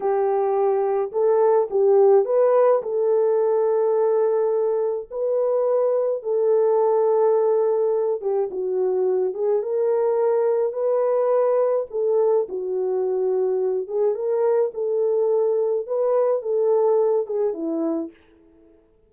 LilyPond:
\new Staff \with { instrumentName = "horn" } { \time 4/4 \tempo 4 = 106 g'2 a'4 g'4 | b'4 a'2.~ | a'4 b'2 a'4~ | a'2~ a'8 g'8 fis'4~ |
fis'8 gis'8 ais'2 b'4~ | b'4 a'4 fis'2~ | fis'8 gis'8 ais'4 a'2 | b'4 a'4. gis'8 e'4 | }